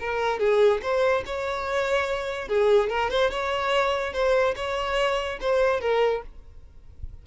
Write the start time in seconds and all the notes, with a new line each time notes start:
0.00 A#4
0.40 G#4
0.82 C5
1.26 C#5
2.48 G#4
2.89 A#4
3.10 C5
3.31 C#5
4.13 C5
4.56 C#5
5.41 C5
5.81 A#4